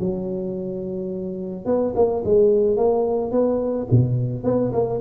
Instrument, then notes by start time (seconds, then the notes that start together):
tuba
0.00 F#3
1.66 B3
1.95 A#3
2.25 G#3
2.77 A#3
3.31 B3
3.91 B2
4.44 B3
4.73 A#3